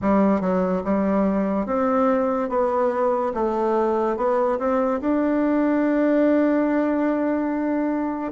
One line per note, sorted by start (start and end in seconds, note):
0.01 0.41 G3
0.41 0.82 F#3
0.84 1.66 G3
1.66 2.49 C4
2.49 3.32 B3
3.34 4.17 A3
4.17 4.58 B3
4.58 5.00 C4
5.00 8.32 D4